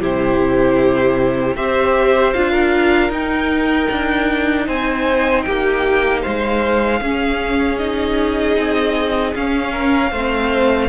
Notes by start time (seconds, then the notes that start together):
0.00 C3 E4 G4 C5
1.55 C4 G4 C5 E5
2.33 D4 F4 F5
2.51 A#4
3.10 D#4 G5
3.91 D4
4.66 C4 C5 G#5
5.41 A#3 G4 G5
6.22 G#3 C5 F5
7.00 C#4 G#4
7.78 D#4 D#5
8.56 C4
9.34 C#4 F5
9.72 A#4
10.11 A3 C4 C5